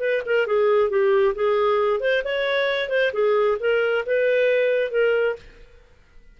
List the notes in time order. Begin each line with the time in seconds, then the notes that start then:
0.00 B4
0.26 A#4
0.47 G#4
0.90 G4
1.35 G#4
2.00 C5
2.24 C#5
2.89 C5
3.13 G#4
3.60 A#4
4.06 B4
4.91 A#4